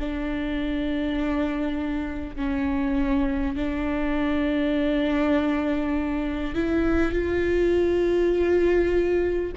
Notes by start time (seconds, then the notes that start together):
0.00 D4
2.37 C#4
3.57 D4
6.55 E4
7.12 F4